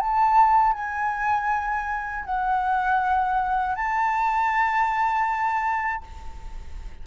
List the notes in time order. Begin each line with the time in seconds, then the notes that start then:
0.00 A5
0.73 G#5
2.25 F#5
3.75 A5